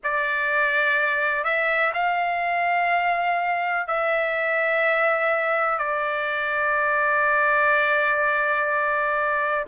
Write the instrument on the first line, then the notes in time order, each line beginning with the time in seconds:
trumpet
0.03 D5
1.43 E5
1.94 F5
3.87 E5
5.78 D5